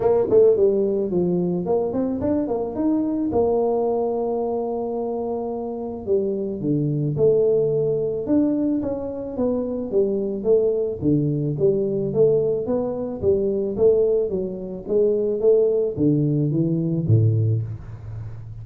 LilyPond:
\new Staff \with { instrumentName = "tuba" } { \time 4/4 \tempo 4 = 109 ais8 a8 g4 f4 ais8 c'8 | d'8 ais8 dis'4 ais2~ | ais2. g4 | d4 a2 d'4 |
cis'4 b4 g4 a4 | d4 g4 a4 b4 | g4 a4 fis4 gis4 | a4 d4 e4 a,4 | }